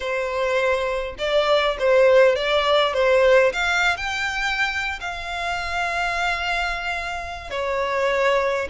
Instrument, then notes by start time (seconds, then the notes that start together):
violin
0.00 C5
1.18 D5
1.79 C5
2.35 D5
2.93 C5
3.52 F5
3.96 G5
5.00 F5
7.50 C#5